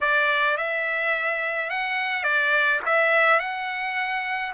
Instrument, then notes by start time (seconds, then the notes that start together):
trumpet
0.01 D5
0.57 E5
1.70 F#5
2.23 D5
2.85 E5
3.39 F#5